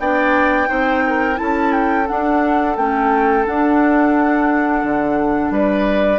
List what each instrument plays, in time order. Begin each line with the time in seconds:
0.00 bassoon B3, clarinet D4, oboe D5, flute G5
0.67 bassoon C4, clarinet D#4, oboe C5
1.07 oboe A#4
1.35 bassoon C#4, clarinet E4, oboe A4, flute A5
1.73 flute G5
2.08 clarinet D4, bassoon D4, flute F#5
2.77 bassoon A3, clarinet C#4, flute G5
3.45 clarinet D4, bassoon D4, flute F#5
4.84 bassoon D3
5.51 bassoon G3, oboe B4, flute D5